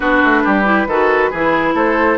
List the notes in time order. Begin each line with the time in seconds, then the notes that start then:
0.00 B3 D4 F#4 B4
0.23 A3
0.43 G3 G4
0.64 E4
0.86 D#3 F#4 A4
1.30 E3 E4 G#4
1.73 A3 A4 C5